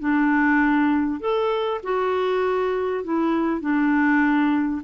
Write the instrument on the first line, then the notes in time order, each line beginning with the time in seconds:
clarinet
0.00 D4
1.21 A4
1.83 F#4
3.04 E4
3.61 D4